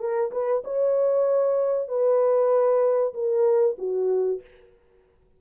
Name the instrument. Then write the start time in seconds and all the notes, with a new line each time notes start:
horn
0.00 A#4
0.32 B4
0.64 C#5
1.88 B4
3.14 A#4
3.78 F#4